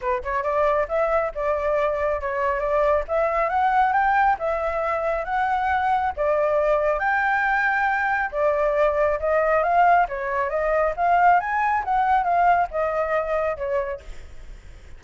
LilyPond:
\new Staff \with { instrumentName = "flute" } { \time 4/4 \tempo 4 = 137 b'8 cis''8 d''4 e''4 d''4~ | d''4 cis''4 d''4 e''4 | fis''4 g''4 e''2 | fis''2 d''2 |
g''2. d''4~ | d''4 dis''4 f''4 cis''4 | dis''4 f''4 gis''4 fis''4 | f''4 dis''2 cis''4 | }